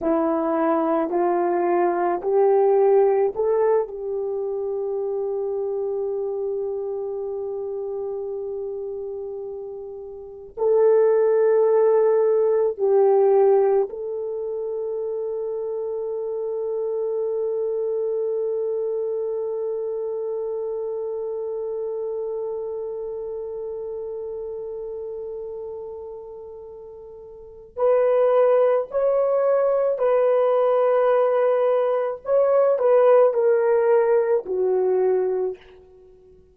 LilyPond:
\new Staff \with { instrumentName = "horn" } { \time 4/4 \tempo 4 = 54 e'4 f'4 g'4 a'8 g'8~ | g'1~ | g'4. a'2 g'8~ | g'8 a'2.~ a'8~ |
a'1~ | a'1~ | a'4 b'4 cis''4 b'4~ | b'4 cis''8 b'8 ais'4 fis'4 | }